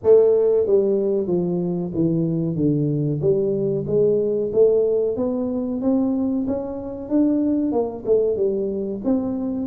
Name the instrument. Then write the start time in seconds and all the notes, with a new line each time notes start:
tuba
0.03 A3
0.66 G3
1.27 F3
1.94 E3
2.55 D3
3.21 G3
3.87 G#3
4.52 A3
5.16 B3
5.81 C4
6.47 C#4
7.09 D4
7.72 A#3
8.05 A3
8.36 G3
9.04 C4